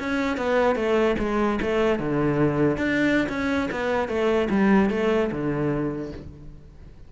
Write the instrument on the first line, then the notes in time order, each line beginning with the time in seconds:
cello
0.00 C#4
0.38 B3
0.76 A3
1.19 G#3
1.62 A3
2.00 D3
2.77 D4
3.29 C#4
3.72 B3
4.09 A3
4.50 G3
4.90 A3
5.32 D3